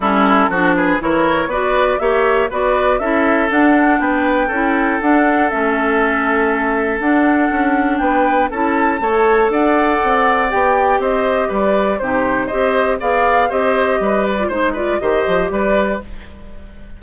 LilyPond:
<<
  \new Staff \with { instrumentName = "flute" } { \time 4/4 \tempo 4 = 120 a'4. b'8 cis''4 d''4 | e''4 d''4 e''4 fis''4 | g''2 fis''4 e''4~ | e''2 fis''2 |
g''4 a''2 fis''4~ | fis''4 g''4 dis''4 d''4 | c''4 dis''4 f''4 dis''4~ | dis''8 d''8 c''8 d''8 dis''4 d''4 | }
  \new Staff \with { instrumentName = "oboe" } { \time 4/4 e'4 fis'8 gis'8 ais'4 b'4 | cis''4 b'4 a'2 | b'4 a'2.~ | a'1 |
b'4 a'4 cis''4 d''4~ | d''2 c''4 b'4 | g'4 c''4 d''4 c''4 | b'4 c''8 b'8 c''4 b'4 | }
  \new Staff \with { instrumentName = "clarinet" } { \time 4/4 cis'4 d'4 e'4 fis'4 | g'4 fis'4 e'4 d'4~ | d'4 e'4 d'4 cis'4~ | cis'2 d'2~ |
d'4 e'4 a'2~ | a'4 g'2. | dis'4 g'4 gis'4 g'4~ | g'8. f'16 dis'8 f'8 g'2 | }
  \new Staff \with { instrumentName = "bassoon" } { \time 4/4 g4 f4 e4 b4 | ais4 b4 cis'4 d'4 | b4 cis'4 d'4 a4~ | a2 d'4 cis'4 |
b4 cis'4 a4 d'4 | c'4 b4 c'4 g4 | c4 c'4 b4 c'4 | g4 gis4 dis8 f8 g4 | }
>>